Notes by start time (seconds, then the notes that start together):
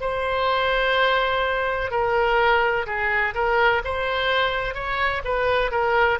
0.00 C5
1.91 A#4
2.87 G#4
3.34 A#4
3.84 C5
4.74 C#5
5.24 B4
5.71 A#4